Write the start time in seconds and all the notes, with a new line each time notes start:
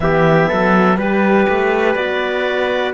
0.00 E3 B3 G4 E5
0.48 F#3 A4
0.97 G3 G4 B4
1.49 A3
1.94 B3 F#4 D5